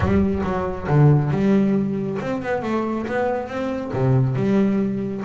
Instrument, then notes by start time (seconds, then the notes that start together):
double bass
0.00 G3
0.43 F#3
0.87 D3
1.30 G3
2.21 C4
2.42 B3
2.62 A3
3.07 B3
3.47 C4
3.93 C3
4.35 G3